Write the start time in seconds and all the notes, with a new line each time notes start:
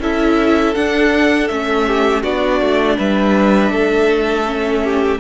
0.00 C#4 E4 A4 E5
0.75 D4 F#5
1.48 A3 C#4 E5
1.87 G4
2.23 B3 D4 F#4 D5
2.61 A3
2.98 G3 B4 E5
3.71 A3 A4
4.45 C#4
4.84 G4